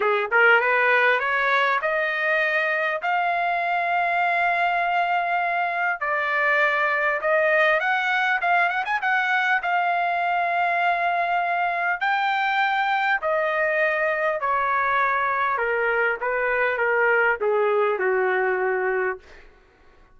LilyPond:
\new Staff \with { instrumentName = "trumpet" } { \time 4/4 \tempo 4 = 100 gis'8 ais'8 b'4 cis''4 dis''4~ | dis''4 f''2.~ | f''2 d''2 | dis''4 fis''4 f''8 fis''16 gis''16 fis''4 |
f''1 | g''2 dis''2 | cis''2 ais'4 b'4 | ais'4 gis'4 fis'2 | }